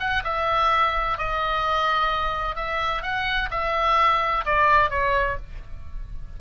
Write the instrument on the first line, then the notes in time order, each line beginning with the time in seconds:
oboe
0.00 F#5
0.24 E5
1.18 D#5
2.56 E5
3.03 F#5
3.51 E5
4.45 D5
4.90 C#5